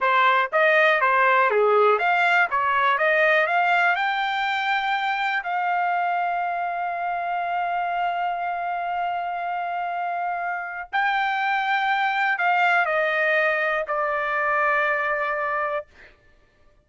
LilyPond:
\new Staff \with { instrumentName = "trumpet" } { \time 4/4 \tempo 4 = 121 c''4 dis''4 c''4 gis'4 | f''4 cis''4 dis''4 f''4 | g''2. f''4~ | f''1~ |
f''1~ | f''2 g''2~ | g''4 f''4 dis''2 | d''1 | }